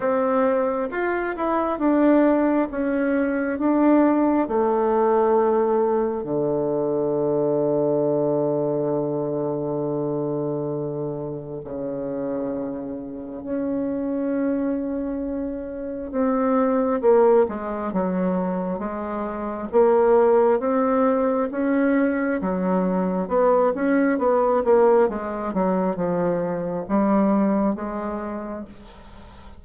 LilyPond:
\new Staff \with { instrumentName = "bassoon" } { \time 4/4 \tempo 4 = 67 c'4 f'8 e'8 d'4 cis'4 | d'4 a2 d4~ | d1~ | d4 cis2 cis'4~ |
cis'2 c'4 ais8 gis8 | fis4 gis4 ais4 c'4 | cis'4 fis4 b8 cis'8 b8 ais8 | gis8 fis8 f4 g4 gis4 | }